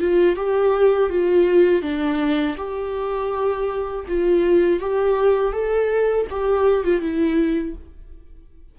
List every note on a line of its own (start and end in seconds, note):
0.00 0.36 F4
0.36 1.10 G4
1.10 1.82 F4
1.82 2.56 D4
2.57 4.05 G4
4.08 4.80 F4
4.80 5.53 G4
5.53 6.27 A4
6.30 6.85 G4
6.85 7.01 F4
7.01 7.75 E4